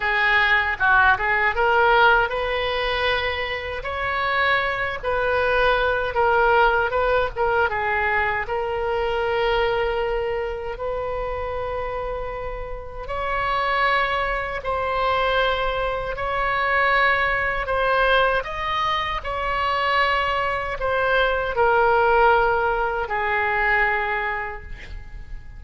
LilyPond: \new Staff \with { instrumentName = "oboe" } { \time 4/4 \tempo 4 = 78 gis'4 fis'8 gis'8 ais'4 b'4~ | b'4 cis''4. b'4. | ais'4 b'8 ais'8 gis'4 ais'4~ | ais'2 b'2~ |
b'4 cis''2 c''4~ | c''4 cis''2 c''4 | dis''4 cis''2 c''4 | ais'2 gis'2 | }